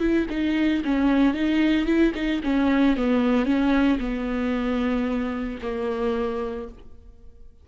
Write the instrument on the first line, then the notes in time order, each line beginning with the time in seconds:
viola
0.00 E4
0.30 D#4
0.85 C#4
1.34 D#4
1.86 E4
2.15 D#4
2.44 C#4
2.97 B3
3.46 C#4
4.00 B3
5.62 A#3